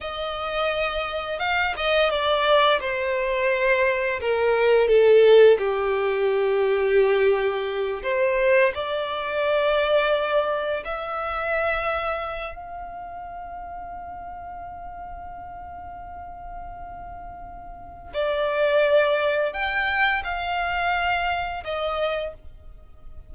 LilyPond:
\new Staff \with { instrumentName = "violin" } { \time 4/4 \tempo 4 = 86 dis''2 f''8 dis''8 d''4 | c''2 ais'4 a'4 | g'2.~ g'8 c''8~ | c''8 d''2. e''8~ |
e''2 f''2~ | f''1~ | f''2 d''2 | g''4 f''2 dis''4 | }